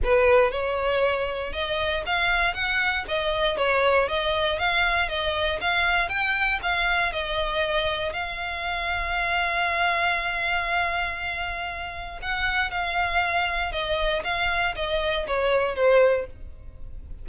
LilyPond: \new Staff \with { instrumentName = "violin" } { \time 4/4 \tempo 4 = 118 b'4 cis''2 dis''4 | f''4 fis''4 dis''4 cis''4 | dis''4 f''4 dis''4 f''4 | g''4 f''4 dis''2 |
f''1~ | f''1 | fis''4 f''2 dis''4 | f''4 dis''4 cis''4 c''4 | }